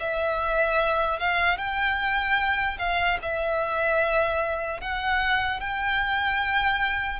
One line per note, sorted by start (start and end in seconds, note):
0.00 1.20 E5
1.20 1.58 F5
1.58 2.78 G5
2.79 3.19 F5
3.22 4.81 E5
4.81 5.60 F#5
5.60 7.20 G5